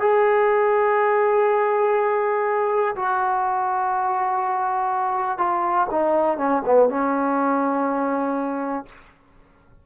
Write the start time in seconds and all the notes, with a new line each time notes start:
0.00 G#4
2.96 F#4
5.38 F4
5.91 D#4
6.38 C#4
6.65 B3
6.89 C#4